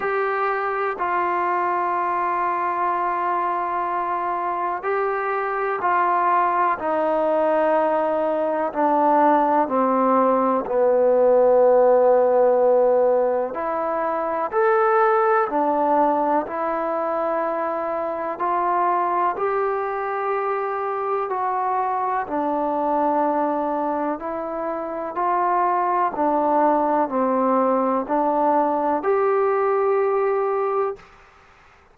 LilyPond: \new Staff \with { instrumentName = "trombone" } { \time 4/4 \tempo 4 = 62 g'4 f'2.~ | f'4 g'4 f'4 dis'4~ | dis'4 d'4 c'4 b4~ | b2 e'4 a'4 |
d'4 e'2 f'4 | g'2 fis'4 d'4~ | d'4 e'4 f'4 d'4 | c'4 d'4 g'2 | }